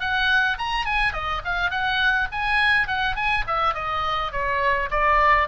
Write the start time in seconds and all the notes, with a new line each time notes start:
0.00 F#5
0.58 A#5
0.85 G#5
1.12 D#5
1.44 F5
1.70 F#5
2.32 G#5
2.87 F#5
3.15 G#5
3.47 E5
3.74 D#5
4.31 C#5
4.90 D5